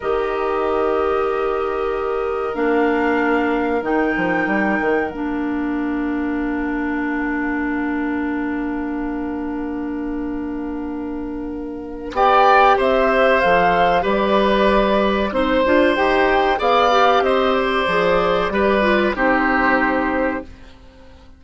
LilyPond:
<<
  \new Staff \with { instrumentName = "flute" } { \time 4/4 \tempo 4 = 94 dis''1 | f''2 g''2 | f''1~ | f''1~ |
f''2. g''4 | e''4 f''4 d''2 | c''4 g''4 f''4 dis''8 d''8~ | d''2 c''2 | }
  \new Staff \with { instrumentName = "oboe" } { \time 4/4 ais'1~ | ais'1~ | ais'1~ | ais'1~ |
ais'2. d''4 | c''2 b'2 | c''2 d''4 c''4~ | c''4 b'4 g'2 | }
  \new Staff \with { instrumentName = "clarinet" } { \time 4/4 g'1 | d'2 dis'2 | d'1~ | d'1~ |
d'2. g'4~ | g'4 a'4 g'2 | dis'8 f'8 g'4 gis'8 g'4. | gis'4 g'8 f'8 dis'2 | }
  \new Staff \with { instrumentName = "bassoon" } { \time 4/4 dis1 | ais2 dis8 f8 g8 dis8 | ais1~ | ais1~ |
ais2. b4 | c'4 f4 g2 | c'8 d'8 dis'4 b4 c'4 | f4 g4 c'2 | }
>>